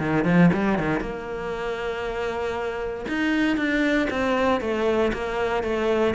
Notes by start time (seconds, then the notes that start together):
0.00 D#3
0.25 F3
0.54 G3
0.79 D#3
1.00 A#3
3.09 D#4
3.57 D4
4.10 C4
4.61 A3
5.14 A#3
5.63 A3